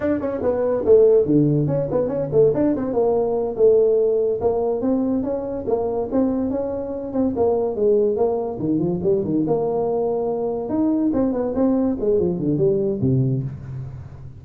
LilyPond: \new Staff \with { instrumentName = "tuba" } { \time 4/4 \tempo 4 = 143 d'8 cis'8 b4 a4 d4 | cis'8 b8 cis'8 a8 d'8 c'8 ais4~ | ais8 a2 ais4 c'8~ | c'8 cis'4 ais4 c'4 cis'8~ |
cis'4 c'8 ais4 gis4 ais8~ | ais8 dis8 f8 g8 dis8 ais4.~ | ais4. dis'4 c'8 b8 c'8~ | c'8 gis8 f8 d8 g4 c4 | }